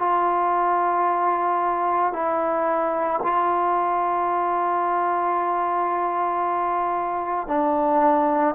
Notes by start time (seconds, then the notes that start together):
0.00 F4
2.13 E4
3.23 F4
7.48 D4